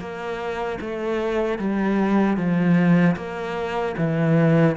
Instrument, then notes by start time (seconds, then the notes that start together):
cello
0.00 A#3
0.81 A3
1.59 G3
2.37 F3
3.17 A#3
3.98 E3